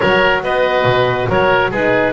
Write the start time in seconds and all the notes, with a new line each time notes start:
0.00 F#3 F#4 A#4 C#5
0.43 B3 B4 D#5
0.84 B2
1.29 F#3 A#4 C#5
1.70 G#3 D#4 G#4 B4